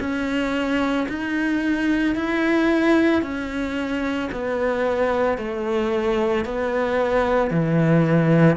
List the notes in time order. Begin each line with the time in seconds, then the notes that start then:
0.00 C#4
1.09 D#4
2.15 E4
3.22 C#4
4.32 B3
5.38 A3
6.45 B3
7.51 E3